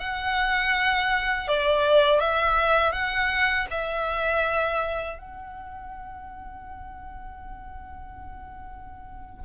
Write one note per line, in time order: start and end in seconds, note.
0.00 1.48 F#5
1.48 2.21 D5
2.21 2.93 E5
2.93 3.67 F#5
3.71 5.19 E5
5.19 9.44 F#5